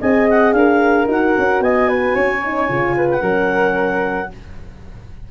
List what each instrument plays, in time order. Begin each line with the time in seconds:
0.00 tuba C4, horn G#4, flute D#5, clarinet G#5
0.29 clarinet F#5
0.52 tuba D4, flute A#4, clarinet F5
1.05 tuba D#4, horn F#4
1.11 clarinet F#5
1.37 tuba C#4
1.60 tuba B3, flute D#5, clarinet G#5
1.88 flute B4
2.15 tuba C#4, flute C#5
2.43 horn D#4
2.68 tuba C#3, horn F4
2.96 flute B4
3.10 clarinet F#5
3.21 tuba F#3, horn C#4, flute A#4